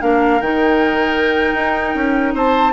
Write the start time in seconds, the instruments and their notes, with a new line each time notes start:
0.00 bassoon A#3, clarinet D4, oboe A#4, flute F5
0.41 bassoon D#3, clarinet D#4, flute G5
1.54 bassoon D#4
1.95 bassoon C#4
2.34 bassoon C4, oboe C5, flute A5